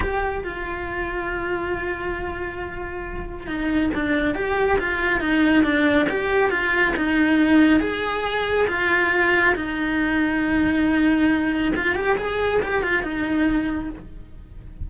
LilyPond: \new Staff \with { instrumentName = "cello" } { \time 4/4 \tempo 4 = 138 g'4 f'2.~ | f'1 | dis'4 d'4 g'4 f'4 | dis'4 d'4 g'4 f'4 |
dis'2 gis'2 | f'2 dis'2~ | dis'2. f'8 g'8 | gis'4 g'8 f'8 dis'2 | }